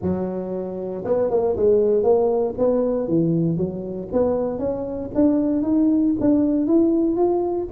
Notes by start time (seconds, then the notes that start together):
0.01 F#3
1.04 B3
1.30 A#3
1.56 G#3
2.03 A#3
2.58 B3
3.08 E3
3.57 F#3
4.12 B3
4.59 C#4
5.14 D4
5.62 D#4
6.20 D4
6.66 E4
7.16 F4